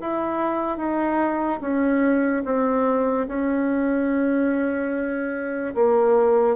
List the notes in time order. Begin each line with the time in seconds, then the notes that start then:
0.00 E4
0.77 D#4
1.61 C#4
2.45 C4
3.27 C#4
5.74 A#3